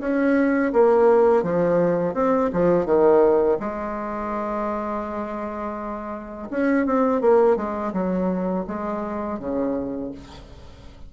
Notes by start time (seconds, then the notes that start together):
0.00 C#4
0.73 A#3
1.43 F3
2.14 C4
2.53 F3
2.86 D#3
3.59 G#3
6.51 C#4
6.86 C4
7.21 A#3
7.56 G#3
7.93 F#3
8.67 G#3
9.39 C#3